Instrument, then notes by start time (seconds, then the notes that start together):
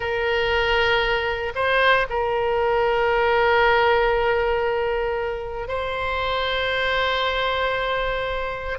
oboe
0.00 A#4
1.55 C5
2.09 A#4
5.68 C5